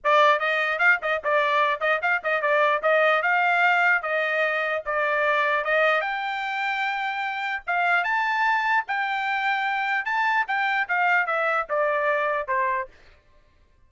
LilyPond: \new Staff \with { instrumentName = "trumpet" } { \time 4/4 \tempo 4 = 149 d''4 dis''4 f''8 dis''8 d''4~ | d''8 dis''8 f''8 dis''8 d''4 dis''4 | f''2 dis''2 | d''2 dis''4 g''4~ |
g''2. f''4 | a''2 g''2~ | g''4 a''4 g''4 f''4 | e''4 d''2 c''4 | }